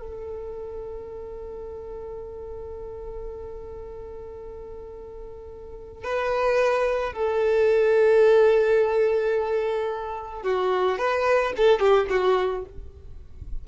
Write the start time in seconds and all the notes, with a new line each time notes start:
0.00 A4
6.05 B4
7.13 A4
10.43 F#4
10.99 B4
11.57 A4
11.80 G4
12.10 F#4